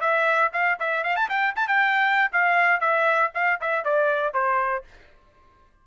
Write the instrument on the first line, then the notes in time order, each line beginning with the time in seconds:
trumpet
0.00 E5
0.52 F5
0.79 E5
1.03 F5
1.16 A5
1.29 G5
1.55 A5
1.67 G5
2.32 F5
2.80 E5
3.34 F5
3.61 E5
3.84 D5
4.33 C5